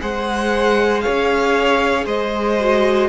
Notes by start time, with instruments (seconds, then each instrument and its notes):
0.00 cello G#3, viola G#4, violin C5 F#5
1.00 violin C#5 F5
1.07 cello C#4
2.05 cello G#3, violin C5 D#5
2.59 viola F#4